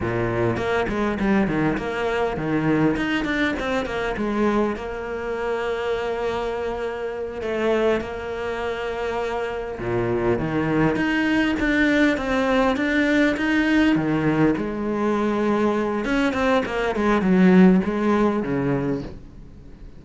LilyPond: \new Staff \with { instrumentName = "cello" } { \time 4/4 \tempo 4 = 101 ais,4 ais8 gis8 g8 dis8 ais4 | dis4 dis'8 d'8 c'8 ais8 gis4 | ais1~ | ais8 a4 ais2~ ais8~ |
ais8 ais,4 dis4 dis'4 d'8~ | d'8 c'4 d'4 dis'4 dis8~ | dis8 gis2~ gis8 cis'8 c'8 | ais8 gis8 fis4 gis4 cis4 | }